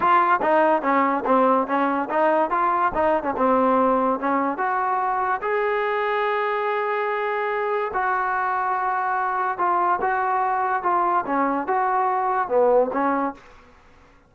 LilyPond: \new Staff \with { instrumentName = "trombone" } { \time 4/4 \tempo 4 = 144 f'4 dis'4 cis'4 c'4 | cis'4 dis'4 f'4 dis'8. cis'16 | c'2 cis'4 fis'4~ | fis'4 gis'2.~ |
gis'2. fis'4~ | fis'2. f'4 | fis'2 f'4 cis'4 | fis'2 b4 cis'4 | }